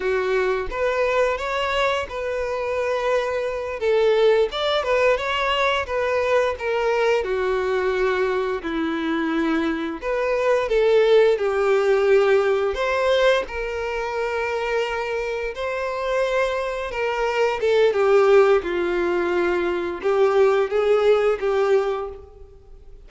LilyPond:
\new Staff \with { instrumentName = "violin" } { \time 4/4 \tempo 4 = 87 fis'4 b'4 cis''4 b'4~ | b'4. a'4 d''8 b'8 cis''8~ | cis''8 b'4 ais'4 fis'4.~ | fis'8 e'2 b'4 a'8~ |
a'8 g'2 c''4 ais'8~ | ais'2~ ais'8 c''4.~ | c''8 ais'4 a'8 g'4 f'4~ | f'4 g'4 gis'4 g'4 | }